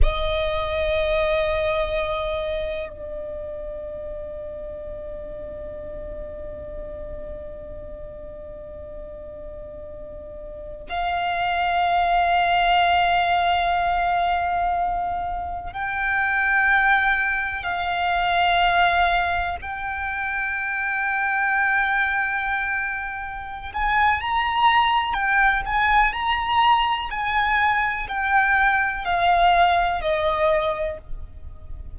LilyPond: \new Staff \with { instrumentName = "violin" } { \time 4/4 \tempo 4 = 62 dis''2. d''4~ | d''1~ | d''2.~ d''16 f''8.~ | f''1~ |
f''16 g''2 f''4.~ f''16~ | f''16 g''2.~ g''8.~ | g''8 gis''8 ais''4 g''8 gis''8 ais''4 | gis''4 g''4 f''4 dis''4 | }